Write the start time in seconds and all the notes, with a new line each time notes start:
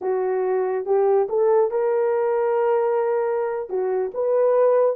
0.01 F#4
0.85 G4
1.29 A4
1.71 A#4
3.69 F#4
4.14 B4